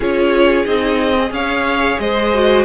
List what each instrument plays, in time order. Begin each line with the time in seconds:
0.00 cello C#4, viola F4, violin G#4 C#5
0.65 cello C4, viola D#4, violin D#5
1.18 viola G#4
1.30 cello C#4, violin C#5 F5
1.99 cello G#3, violin C5 D#5
2.33 viola F#4